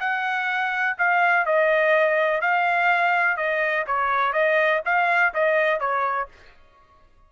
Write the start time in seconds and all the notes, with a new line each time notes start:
0.00 F#5
0.98 F5
1.46 D#5
2.41 F5
3.37 D#5
3.87 C#5
4.33 D#5
4.86 F5
5.34 D#5
5.80 C#5